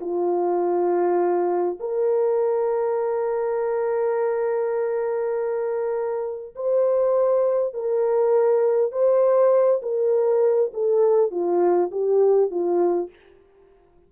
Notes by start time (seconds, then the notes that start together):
0.00 F4
1.80 A#4
6.55 C5
7.73 A#4
8.92 C5
9.82 A#4
10.73 A4
11.31 F4
11.91 G4
12.50 F4